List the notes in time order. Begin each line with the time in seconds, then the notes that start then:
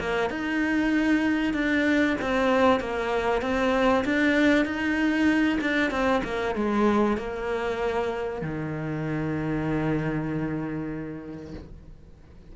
0.00 A#3
0.30 D#4
1.54 D4
2.21 C4
2.80 A#3
3.42 C4
4.05 D4
4.65 D#4
5.61 D4
5.91 C4
6.24 A#3
6.55 G#3
7.17 A#3
8.42 D#3